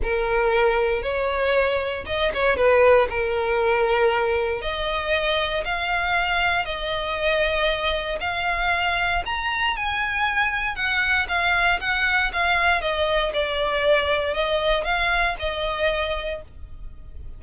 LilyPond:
\new Staff \with { instrumentName = "violin" } { \time 4/4 \tempo 4 = 117 ais'2 cis''2 | dis''8 cis''8 b'4 ais'2~ | ais'4 dis''2 f''4~ | f''4 dis''2. |
f''2 ais''4 gis''4~ | gis''4 fis''4 f''4 fis''4 | f''4 dis''4 d''2 | dis''4 f''4 dis''2 | }